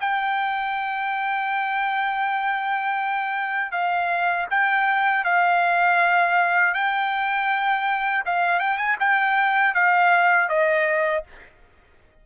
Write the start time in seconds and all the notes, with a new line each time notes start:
0.00 G5
3.71 F5
4.50 G5
5.24 F5
6.74 G5
8.25 F5
8.59 G5
8.77 G#5
8.99 G5
9.74 F5
10.49 D#5